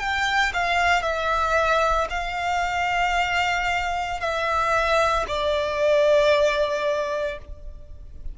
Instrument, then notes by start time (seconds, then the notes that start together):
violin
0.00 G5
0.54 F5
1.03 E5
2.11 F5
4.21 E5
5.28 D5